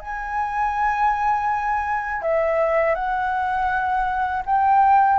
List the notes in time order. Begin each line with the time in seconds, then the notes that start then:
0.00 G#5
2.22 E5
2.95 F#5
4.46 G5